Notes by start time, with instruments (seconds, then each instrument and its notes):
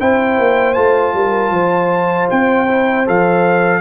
0.00 tuba C4, trombone E4, horn C5, trumpet G5
0.38 tuba A#3
0.74 tuba A3, trombone F4, trumpet A5
1.14 tuba G3, horn A#4
1.51 tuba F3, horn C5
2.31 tuba C4, trumpet G5
2.69 trombone E4
3.07 tuba F3, trombone A4, trumpet F5